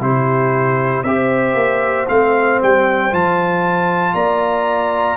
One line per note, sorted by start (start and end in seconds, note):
0.00 1.03 C3
0.00 1.05 E4
0.00 1.07 G4
0.00 1.03 C5
1.03 1.55 C4
1.03 2.08 G4
1.03 4.15 C5
1.03 2.07 E5
1.55 2.06 A#3
2.08 2.61 A3
2.08 3.11 C4
2.08 2.60 F5
2.62 3.13 G3
2.62 3.14 G5
3.11 4.14 F3
3.11 5.17 F4
3.11 4.15 A5
4.14 5.17 A#3
4.14 5.17 D5
4.14 5.17 A#5